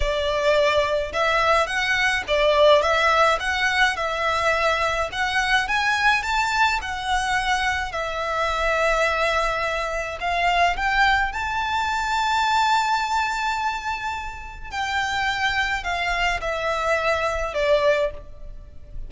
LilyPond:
\new Staff \with { instrumentName = "violin" } { \time 4/4 \tempo 4 = 106 d''2 e''4 fis''4 | d''4 e''4 fis''4 e''4~ | e''4 fis''4 gis''4 a''4 | fis''2 e''2~ |
e''2 f''4 g''4 | a''1~ | a''2 g''2 | f''4 e''2 d''4 | }